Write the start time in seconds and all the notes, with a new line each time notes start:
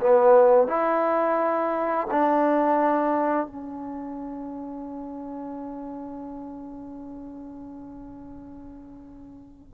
0.00 B3
0.68 E4
2.11 D4
3.47 C#4